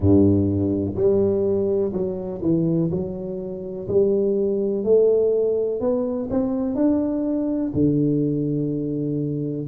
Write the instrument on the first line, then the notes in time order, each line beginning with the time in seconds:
tuba
0.00 G2
0.95 G3
1.92 F#3
2.42 E3
2.90 F#3
3.88 G3
4.84 A3
5.80 B3
6.30 C4
6.75 D4
7.74 D3